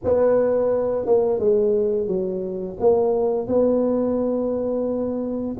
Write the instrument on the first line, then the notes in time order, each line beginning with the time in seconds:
tuba
0.04 B3
1.05 A#3
1.39 G#3
2.07 F#3
2.80 A#3
3.47 B3